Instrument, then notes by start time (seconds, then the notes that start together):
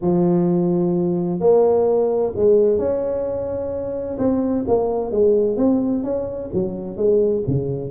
tuba
0.01 F3
1.40 A#3
2.35 G#3
2.78 C#4
4.18 C4
4.67 A#3
5.11 G#3
5.57 C4
6.03 C#4
6.53 F#3
6.96 G#3
7.47 C#3